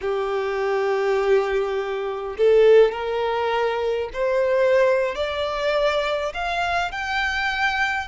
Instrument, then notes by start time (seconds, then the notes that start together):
violin
0.01 G4
2.37 A4
2.91 A#4
4.13 C5
5.15 D5
6.34 F5
6.91 G5